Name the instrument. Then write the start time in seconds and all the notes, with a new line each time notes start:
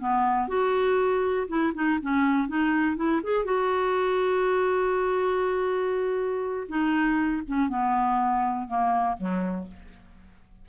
clarinet
0.00 B3
0.49 F#4
1.49 E4
1.75 D#4
2.02 C#4
2.48 D#4
2.97 E4
3.24 G#4
3.45 F#4
6.69 D#4
7.48 C#4
7.69 B3
8.68 A#3
9.18 F#3